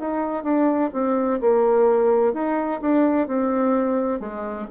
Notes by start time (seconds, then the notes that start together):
0.00 D#4
0.44 D4
0.93 C4
1.41 A#3
2.34 D#4
2.81 D4
3.28 C4
4.20 G#3